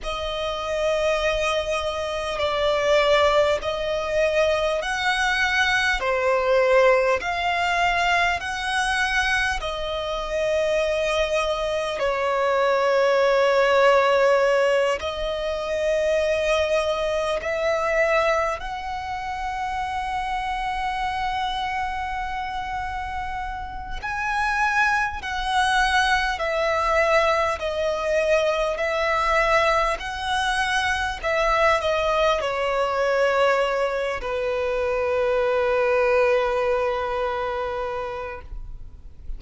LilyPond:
\new Staff \with { instrumentName = "violin" } { \time 4/4 \tempo 4 = 50 dis''2 d''4 dis''4 | fis''4 c''4 f''4 fis''4 | dis''2 cis''2~ | cis''8 dis''2 e''4 fis''8~ |
fis''1 | gis''4 fis''4 e''4 dis''4 | e''4 fis''4 e''8 dis''8 cis''4~ | cis''8 b'2.~ b'8 | }